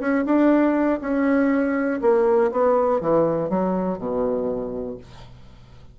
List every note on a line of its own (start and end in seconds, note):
0.00 0.25 C#4
0.26 1.00 D4
1.01 2.00 C#4
2.02 2.51 A#3
2.52 3.01 B3
3.01 3.50 E3
3.50 3.98 F#3
3.98 4.98 B2